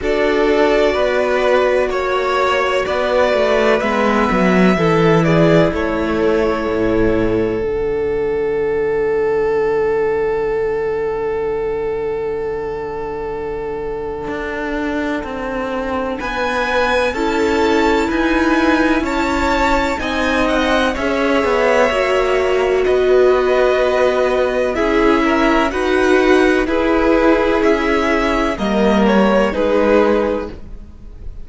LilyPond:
<<
  \new Staff \with { instrumentName = "violin" } { \time 4/4 \tempo 4 = 63 d''2 cis''4 d''4 | e''4. d''8 cis''2 | fis''1~ | fis''1~ |
fis''4 gis''4 a''4 gis''4 | a''4 gis''8 fis''8 e''2 | dis''2 e''4 fis''4 | b'4 e''4 dis''8 cis''8 b'4 | }
  \new Staff \with { instrumentName = "violin" } { \time 4/4 a'4 b'4 cis''4 b'4~ | b'4 a'8 gis'8 a'2~ | a'1~ | a'1~ |
a'4 b'4 a'4 b'4 | cis''4 dis''4 cis''2 | b'2 gis'8 ais'8 b'4 | gis'2 ais'4 gis'4 | }
  \new Staff \with { instrumentName = "viola" } { \time 4/4 fis'1 | b4 e'2. | d'1~ | d'1~ |
d'2 e'2~ | e'4 dis'4 gis'4 fis'4~ | fis'2 e'4 fis'4 | e'2 ais4 dis'4 | }
  \new Staff \with { instrumentName = "cello" } { \time 4/4 d'4 b4 ais4 b8 a8 | gis8 fis8 e4 a4 a,4 | d1~ | d2. d'4 |
c'4 b4 cis'4 dis'4 | cis'4 c'4 cis'8 b8 ais4 | b2 cis'4 dis'4 | e'4 cis'4 g4 gis4 | }
>>